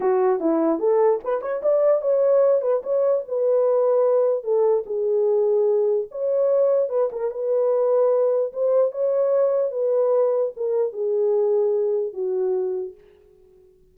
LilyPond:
\new Staff \with { instrumentName = "horn" } { \time 4/4 \tempo 4 = 148 fis'4 e'4 a'4 b'8 cis''8 | d''4 cis''4. b'8 cis''4 | b'2. a'4 | gis'2. cis''4~ |
cis''4 b'8 ais'8 b'2~ | b'4 c''4 cis''2 | b'2 ais'4 gis'4~ | gis'2 fis'2 | }